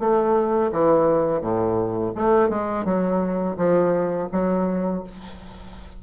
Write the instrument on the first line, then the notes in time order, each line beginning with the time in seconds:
bassoon
0.00 A3
0.72 E3
1.42 A2
2.15 A3
2.49 G#3
2.85 F#3
3.57 F3
4.32 F#3